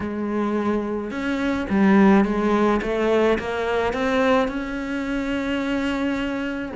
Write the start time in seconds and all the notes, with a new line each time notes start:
0.00 G#3
1.10 C#4
1.69 G3
2.24 G#3
2.82 A3
3.38 A#3
3.93 C4
4.47 C#4